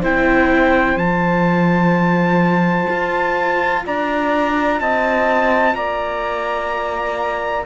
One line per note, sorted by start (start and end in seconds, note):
0.00 0.96 C4
0.00 0.97 E4
0.00 3.81 C5
0.00 0.97 G5
0.96 2.87 F3
0.96 7.64 F4
0.96 3.83 A5
2.89 3.85 F4
3.86 4.80 D4
3.86 4.80 D5
3.86 4.80 A#5
4.80 5.74 C4
4.80 5.75 D#5
4.80 5.74 A5
5.74 7.64 A#3
5.74 7.65 D5
5.74 7.65 A#5